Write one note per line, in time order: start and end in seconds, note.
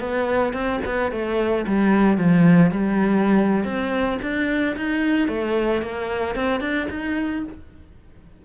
0.00 0.53 B3
0.53 0.80 C4
0.85 1.12 B3
1.12 1.66 A3
1.67 2.17 G3
2.17 2.71 F3
2.71 3.64 G3
3.64 4.18 C4
4.22 4.76 D4
4.77 5.28 D#4
5.28 5.82 A3
5.82 6.35 A#3
6.35 6.60 C4
6.60 6.87 D4
6.90 7.44 D#4